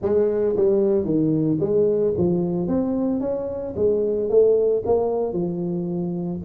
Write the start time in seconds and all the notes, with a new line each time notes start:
0.02 G#3
0.56 G3
1.04 D#3
1.59 G#3
2.17 F3
2.67 C4
3.20 C#4
3.75 G#3
4.29 A3
4.85 A#3
5.33 F3